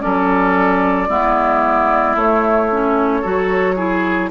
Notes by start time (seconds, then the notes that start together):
0.00 F#3 C#4 A4 D5
1.08 G#3 B3 E4
2.15 A3 C#5
2.71 C#4
3.21 F#3 F#4 A4
3.76 E4 G#4